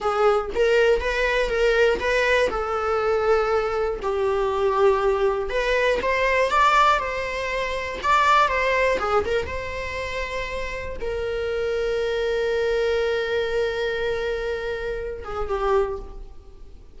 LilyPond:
\new Staff \with { instrumentName = "viola" } { \time 4/4 \tempo 4 = 120 gis'4 ais'4 b'4 ais'4 | b'4 a'2. | g'2. b'4 | c''4 d''4 c''2 |
d''4 c''4 gis'8 ais'8 c''4~ | c''2 ais'2~ | ais'1~ | ais'2~ ais'8 gis'8 g'4 | }